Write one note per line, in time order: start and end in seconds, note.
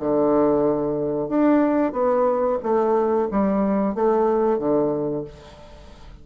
0.00 1.29 D3
1.29 1.93 D4
1.93 2.59 B3
2.63 3.29 A3
3.32 3.95 G3
3.95 4.59 A3
4.59 5.25 D3